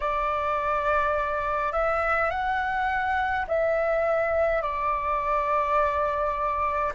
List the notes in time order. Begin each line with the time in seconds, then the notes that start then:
0.00 D5
1.72 E5
2.30 F#5
3.47 E5
4.62 D5